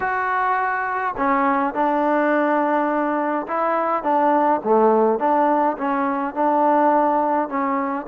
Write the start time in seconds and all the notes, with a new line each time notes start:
0.00 F#4
1.17 C#4
1.73 D4
3.47 E4
4.03 D4
4.64 A3
5.19 D4
5.77 C#4
6.34 D4
7.48 C#4